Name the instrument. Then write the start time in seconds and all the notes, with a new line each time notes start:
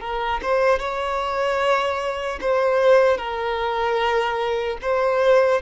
violin
0.00 A#4
0.42 C5
0.79 C#5
2.40 C5
3.17 A#4
4.81 C5